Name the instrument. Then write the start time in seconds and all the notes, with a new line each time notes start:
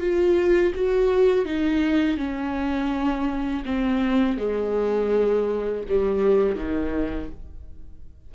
viola
0.00 F4
0.75 F#4
1.45 D#4
2.18 C#4
3.65 C4
4.38 G#3
5.89 G3
6.56 D#3